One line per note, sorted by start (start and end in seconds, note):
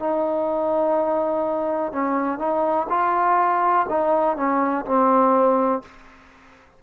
0.00 1.93 D#4
1.93 2.39 C#4
2.39 2.88 D#4
2.90 3.87 F4
3.90 4.37 D#4
4.37 4.86 C#4
4.86 5.83 C4